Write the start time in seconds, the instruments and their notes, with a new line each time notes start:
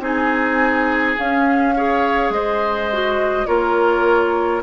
0.00 bassoon C4, clarinet D#4, oboe G#4, flute G#5
1.17 clarinet C#4, bassoon C#4, flute F5
1.76 clarinet G#4, oboe C#5
2.30 bassoon G#3, oboe C5, flute D#5
2.92 clarinet F#4
3.46 bassoon A#3, clarinet F4, oboe A#4, flute C#5